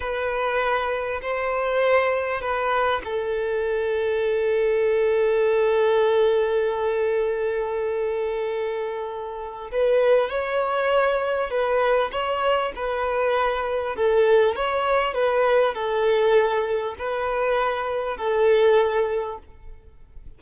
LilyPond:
\new Staff \with { instrumentName = "violin" } { \time 4/4 \tempo 4 = 99 b'2 c''2 | b'4 a'2.~ | a'1~ | a'1 |
b'4 cis''2 b'4 | cis''4 b'2 a'4 | cis''4 b'4 a'2 | b'2 a'2 | }